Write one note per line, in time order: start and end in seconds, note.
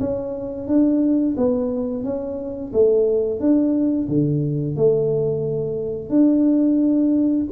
0.00 0.67 C#4
0.67 1.35 D4
1.37 2.04 B3
2.04 2.72 C#4
2.73 3.39 A3
3.39 4.08 D4
4.08 4.76 D3
4.76 6.09 A3
6.09 7.46 D4